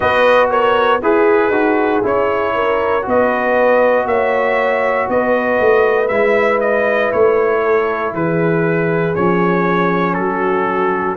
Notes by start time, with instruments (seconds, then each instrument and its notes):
0.00 tuba B3, trombone F#4, horn B4, trumpet D#5
0.50 horn A#4, trumpet C#5
1.01 tuba E4, horn G#4, trombone G#4, trumpet B4
1.50 tuba D#4, trombone F#4
2.02 tuba C#4, trombone E4, trumpet C#5
2.54 horn A#4
3.01 tuba B3, trombone F#4, horn B4
3.09 trumpet D#5
4.05 tuba A#3, horn C#5, trumpet E5
5.08 tuba B3, horn B4, trumpet D#5
5.60 tuba A3
6.08 tuba G#3, trombone E4, trumpet E5
6.60 trumpet D#5
7.11 tuba A3, trumpet C#5
7.62 horn A4
8.13 tuba E3, horn G#4, trumpet B4
9.15 tuba F3, trombone C#4, trumpet C#5
10.14 tuba F#3, horn F#4, trumpet A4